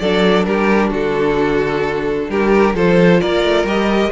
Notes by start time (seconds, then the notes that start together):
0.00 F#3 D4 A4 D5
0.45 G3 G4 A#4
0.91 D3 F#4 A4
2.29 G3 G4 A#4
2.75 F3 F4 A4 C5
3.21 A#3 A#4 D5
3.44 A3
3.64 G3 G4 D#5